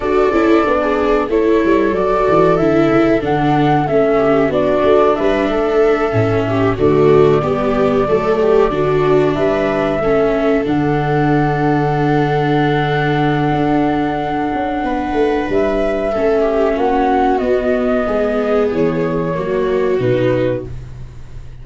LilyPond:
<<
  \new Staff \with { instrumentName = "flute" } { \time 4/4 \tempo 4 = 93 d''2 cis''4 d''4 | e''4 fis''4 e''4 d''4 | e''2~ e''8 d''4.~ | d''2~ d''8 e''4.~ |
e''8 fis''2.~ fis''8~ | fis''1 | e''2 fis''4 dis''4~ | dis''4 cis''2 b'4 | }
  \new Staff \with { instrumentName = "viola" } { \time 4/4 a'4~ a'16 gis'8. a'2~ | a'2~ a'8 g'8 fis'4 | b'8 a'4. g'8 fis'4 g'8~ | g'8 a'8 g'8 fis'4 b'4 a'8~ |
a'1~ | a'2. b'4~ | b'4 a'8 g'8 fis'2 | gis'2 fis'2 | }
  \new Staff \with { instrumentName = "viola" } { \time 4/4 fis'8 e'8 d'4 e'4 fis'4 | e'4 d'4 cis'4 d'4~ | d'4. cis'4 a4 b8~ | b8 a4 d'2 cis'8~ |
cis'8 d'2.~ d'8~ | d'1~ | d'4 cis'2 b4~ | b2 ais4 dis'4 | }
  \new Staff \with { instrumentName = "tuba" } { \time 4/4 d'8 cis'8 b4 a8 g8 fis8 e8 | d8 cis8 d4 a4 b8 a8 | g8 a4 a,4 d4 g8~ | g8 fis4 d4 g4 a8~ |
a8 d2.~ d8~ | d4 d'4. cis'8 b8 a8 | g4 a4 ais4 b4 | gis4 e4 fis4 b,4 | }
>>